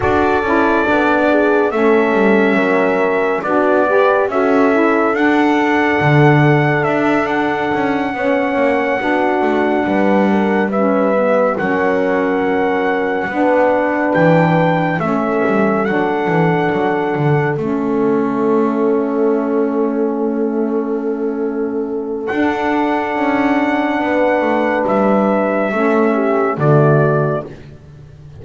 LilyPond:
<<
  \new Staff \with { instrumentName = "trumpet" } { \time 4/4 \tempo 4 = 70 d''2 e''2 | d''4 e''4 fis''2 | e''8 fis''2.~ fis''8~ | fis''8 e''4 fis''2~ fis''8~ |
fis''8 g''4 e''4 fis''4.~ | fis''8 e''2.~ e''8~ | e''2 fis''2~ | fis''4 e''2 d''4 | }
  \new Staff \with { instrumentName = "horn" } { \time 4/4 a'4. gis'8 a'4 ais'4 | fis'8 b'8 a'2.~ | a'4. cis''4 fis'4 b'8 | ais'8 b'4 ais'2 b'8~ |
b'4. a'2~ a'8~ | a'1~ | a'1 | b'2 a'8 g'8 fis'4 | }
  \new Staff \with { instrumentName = "saxophone" } { \time 4/4 fis'8 e'8 d'4 cis'2 | d'8 g'8 fis'8 e'8 d'2~ | d'4. cis'4 d'4.~ | d'8 cis'8 b8 cis'2 d'8~ |
d'4. cis'4 d'4.~ | d'8 cis'2.~ cis'8~ | cis'2 d'2~ | d'2 cis'4 a4 | }
  \new Staff \with { instrumentName = "double bass" } { \time 4/4 d'8 cis'8 b4 a8 g8 fis4 | b4 cis'4 d'4 d4 | d'4 cis'8 b8 ais8 b8 a8 g8~ | g4. fis2 b8~ |
b8 e4 a8 g8 fis8 e8 fis8 | d8 a2.~ a8~ | a2 d'4 cis'4 | b8 a8 g4 a4 d4 | }
>>